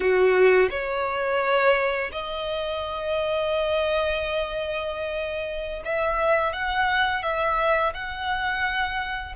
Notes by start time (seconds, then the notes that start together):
0.00 F#4
0.69 C#5
2.12 D#5
5.85 E5
6.53 F#5
7.22 E5
7.93 F#5